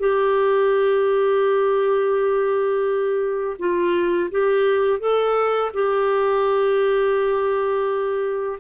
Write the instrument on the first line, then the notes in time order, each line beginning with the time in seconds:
clarinet
0.00 G4
3.59 F4
4.31 G4
5.00 A4
5.74 G4